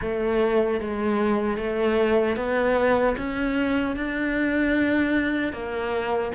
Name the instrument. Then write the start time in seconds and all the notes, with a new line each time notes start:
cello
0.01 A3
0.80 G#3
1.57 A3
2.36 B3
3.17 C#4
3.95 D4
5.52 A#3